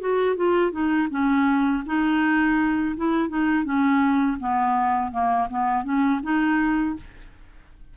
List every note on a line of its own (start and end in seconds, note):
0.00 0.36 F#4
0.36 0.72 F4
0.72 1.08 D#4
1.10 1.84 C#4
1.86 2.96 D#4
2.96 3.29 E4
3.29 3.64 D#4
3.64 4.37 C#4
4.40 5.11 B3
5.11 5.48 A#3
5.49 5.84 B3
5.84 6.20 C#4
6.23 6.96 D#4